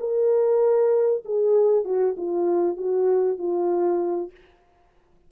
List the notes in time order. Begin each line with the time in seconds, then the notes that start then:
0.00 A#4
1.25 G#4
1.85 F#4
2.17 F4
2.77 F#4
3.38 F4